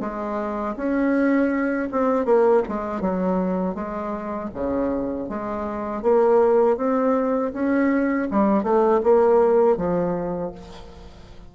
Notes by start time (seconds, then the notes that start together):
0.00 G#3
0.76 C#4
1.92 C4
2.25 A#3
2.68 G#3
3.01 F#3
3.75 G#3
4.54 C#3
5.29 G#3
6.02 A#3
6.77 C4
7.53 C#4
8.31 G3
8.63 A3
9.03 A#3
9.77 F3